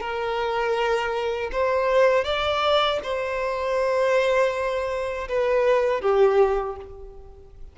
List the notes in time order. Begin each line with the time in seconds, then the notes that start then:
0.00 A#4
1.51 C5
2.24 D5
3.03 C5
5.28 B4
6.01 G4